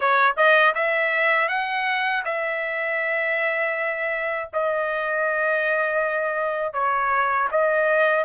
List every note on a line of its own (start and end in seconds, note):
0.00 0.35 C#5
0.36 0.74 D#5
0.74 1.48 E5
1.48 2.23 F#5
2.24 4.49 E5
4.53 6.73 D#5
6.73 7.48 C#5
7.51 8.24 D#5